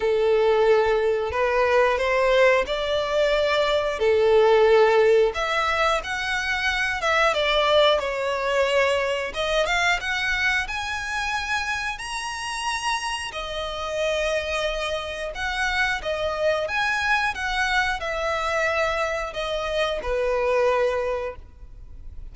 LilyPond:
\new Staff \with { instrumentName = "violin" } { \time 4/4 \tempo 4 = 90 a'2 b'4 c''4 | d''2 a'2 | e''4 fis''4. e''8 d''4 | cis''2 dis''8 f''8 fis''4 |
gis''2 ais''2 | dis''2. fis''4 | dis''4 gis''4 fis''4 e''4~ | e''4 dis''4 b'2 | }